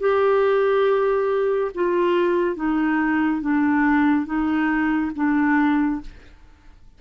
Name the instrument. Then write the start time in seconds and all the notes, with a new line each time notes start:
clarinet
0.00 G4
1.75 F4
2.56 D#4
3.42 D4
4.26 D#4
5.15 D4